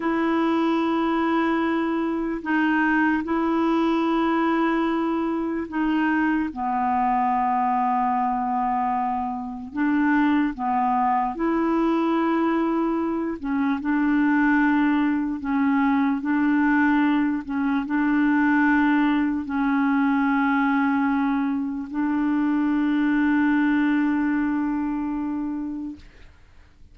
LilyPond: \new Staff \with { instrumentName = "clarinet" } { \time 4/4 \tempo 4 = 74 e'2. dis'4 | e'2. dis'4 | b1 | d'4 b4 e'2~ |
e'8 cis'8 d'2 cis'4 | d'4. cis'8 d'2 | cis'2. d'4~ | d'1 | }